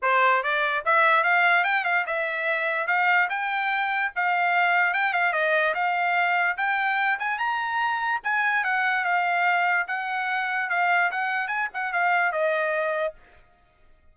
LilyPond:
\new Staff \with { instrumentName = "trumpet" } { \time 4/4 \tempo 4 = 146 c''4 d''4 e''4 f''4 | g''8 f''8 e''2 f''4 | g''2 f''2 | g''8 f''8 dis''4 f''2 |
g''4. gis''8 ais''2 | gis''4 fis''4 f''2 | fis''2 f''4 fis''4 | gis''8 fis''8 f''4 dis''2 | }